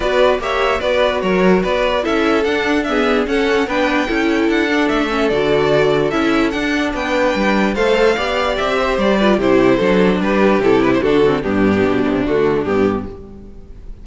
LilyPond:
<<
  \new Staff \with { instrumentName = "violin" } { \time 4/4 \tempo 4 = 147 d''4 e''4 d''4 cis''4 | d''4 e''4 fis''4 e''4 | fis''4 g''2 fis''4 | e''4 d''2 e''4 |
fis''4 g''2 f''4~ | f''4 e''4 d''4 c''4~ | c''4 b'4 a'8 b'16 c''16 a'4 | g'2 fis'4 g'4 | }
  \new Staff \with { instrumentName = "violin" } { \time 4/4 b'4 cis''4 b'4 ais'4 | b'4 a'2 gis'4 | a'4 b'4 a'2~ | a'1~ |
a'4 b'2 c''4 | d''4. c''4 b'8 g'4 | a'4 g'2 fis'4 | d'1 | }
  \new Staff \with { instrumentName = "viola" } { \time 4/4 fis'4 g'4 fis'2~ | fis'4 e'4 d'4 b4 | cis'4 d'4 e'4. d'8~ | d'8 cis'8 fis'2 e'4 |
d'2. a'4 | g'2~ g'8 f'8 e'4 | d'2 e'4 d'8 c'8 | b2 a4 b4 | }
  \new Staff \with { instrumentName = "cello" } { \time 4/4 b4 ais4 b4 fis4 | b4 cis'4 d'2 | cis'4 b4 cis'4 d'4 | a4 d2 cis'4 |
d'4 b4 g4 a4 | b4 c'4 g4 c4 | fis4 g4 c4 d4 | g,4 b,8 c8 d4 g,4 | }
>>